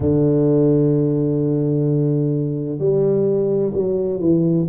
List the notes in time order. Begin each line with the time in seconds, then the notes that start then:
0.00 D3
2.78 G3
3.74 F#3
4.20 E3